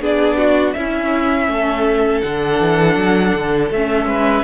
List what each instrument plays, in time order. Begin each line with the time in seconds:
0.00 cello B3, viola D4, violin G#4 D5
0.38 violin F#4
0.73 cello C#4, viola C#4, violin E4 E5
1.48 cello A3, violin A4
2.21 cello D3, viola D4, violin F#5
2.60 cello E3
2.96 cello F#3
3.34 cello D3
3.71 cello A3, viola C#4, violin E5
4.06 cello G#3, violin B4